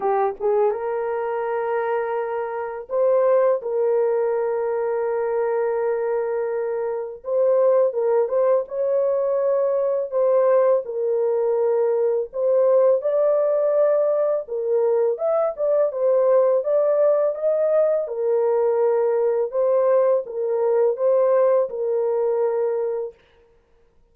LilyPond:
\new Staff \with { instrumentName = "horn" } { \time 4/4 \tempo 4 = 83 g'8 gis'8 ais'2. | c''4 ais'2.~ | ais'2 c''4 ais'8 c''8 | cis''2 c''4 ais'4~ |
ais'4 c''4 d''2 | ais'4 e''8 d''8 c''4 d''4 | dis''4 ais'2 c''4 | ais'4 c''4 ais'2 | }